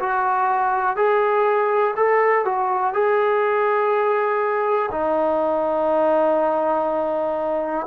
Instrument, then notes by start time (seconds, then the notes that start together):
trombone
0.00 F#4
0.97 G#4
1.97 A4
2.45 F#4
2.94 G#4
4.92 D#4